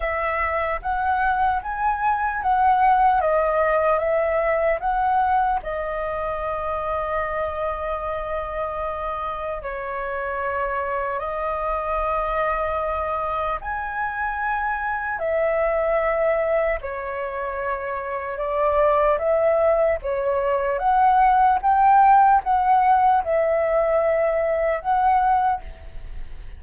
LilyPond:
\new Staff \with { instrumentName = "flute" } { \time 4/4 \tempo 4 = 75 e''4 fis''4 gis''4 fis''4 | dis''4 e''4 fis''4 dis''4~ | dis''1 | cis''2 dis''2~ |
dis''4 gis''2 e''4~ | e''4 cis''2 d''4 | e''4 cis''4 fis''4 g''4 | fis''4 e''2 fis''4 | }